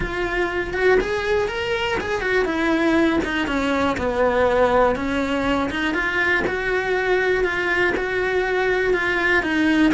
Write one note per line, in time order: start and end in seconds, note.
0.00 0.73 F4
0.73 0.98 F#4
1.00 1.47 G#4
1.47 1.97 A#4
2.00 2.21 G#4
2.21 2.45 F#4
2.45 3.19 E4
3.24 3.47 D#4
3.47 3.96 C#4
3.97 4.95 B3
4.95 5.69 C#4
5.70 5.94 D#4
5.94 6.43 F4
6.47 7.44 F#4
7.44 7.93 F4
7.97 8.93 F#4
8.93 9.42 F4
9.42 9.92 D#4